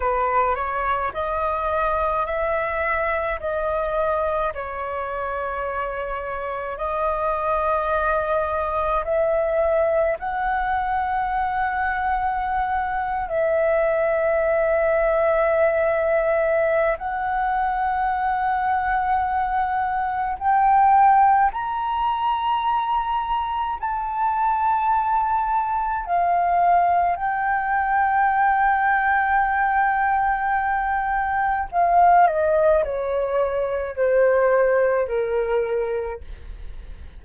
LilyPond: \new Staff \with { instrumentName = "flute" } { \time 4/4 \tempo 4 = 53 b'8 cis''8 dis''4 e''4 dis''4 | cis''2 dis''2 | e''4 fis''2~ fis''8. e''16~ | e''2. fis''4~ |
fis''2 g''4 ais''4~ | ais''4 a''2 f''4 | g''1 | f''8 dis''8 cis''4 c''4 ais'4 | }